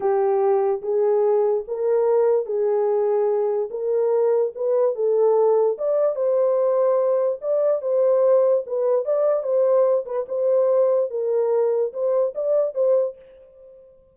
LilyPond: \new Staff \with { instrumentName = "horn" } { \time 4/4 \tempo 4 = 146 g'2 gis'2 | ais'2 gis'2~ | gis'4 ais'2 b'4 | a'2 d''4 c''4~ |
c''2 d''4 c''4~ | c''4 b'4 d''4 c''4~ | c''8 b'8 c''2 ais'4~ | ais'4 c''4 d''4 c''4 | }